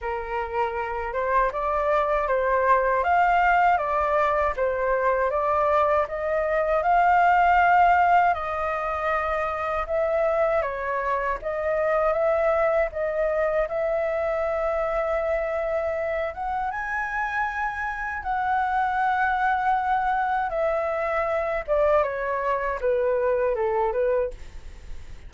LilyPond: \new Staff \with { instrumentName = "flute" } { \time 4/4 \tempo 4 = 79 ais'4. c''8 d''4 c''4 | f''4 d''4 c''4 d''4 | dis''4 f''2 dis''4~ | dis''4 e''4 cis''4 dis''4 |
e''4 dis''4 e''2~ | e''4. fis''8 gis''2 | fis''2. e''4~ | e''8 d''8 cis''4 b'4 a'8 b'8 | }